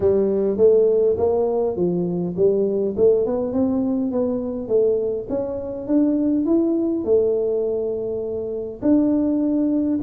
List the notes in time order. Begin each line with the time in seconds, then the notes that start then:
0.00 G3
0.57 A3
1.17 A#3
1.76 F3
2.36 G3
2.97 A3
3.25 B3
3.53 C4
4.11 B3
4.68 A3
5.29 C#4
5.87 D4
6.45 E4
7.04 A3
8.82 D4